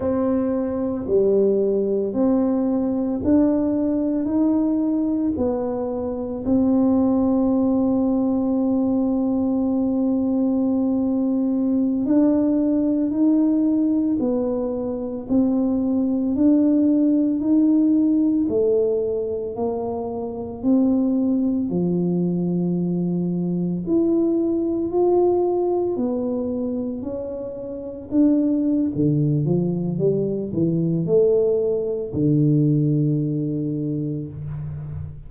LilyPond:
\new Staff \with { instrumentName = "tuba" } { \time 4/4 \tempo 4 = 56 c'4 g4 c'4 d'4 | dis'4 b4 c'2~ | c'2.~ c'16 d'8.~ | d'16 dis'4 b4 c'4 d'8.~ |
d'16 dis'4 a4 ais4 c'8.~ | c'16 f2 e'4 f'8.~ | f'16 b4 cis'4 d'8. d8 f8 | g8 e8 a4 d2 | }